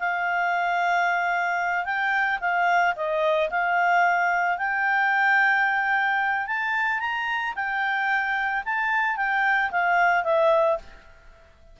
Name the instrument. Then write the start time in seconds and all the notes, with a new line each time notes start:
clarinet
0.00 F5
1.85 G5
2.41 F5
2.96 D#5
3.51 F5
4.58 G5
6.47 A5
7.00 A#5
7.56 G5
8.66 A5
9.17 G5
9.71 F5
10.24 E5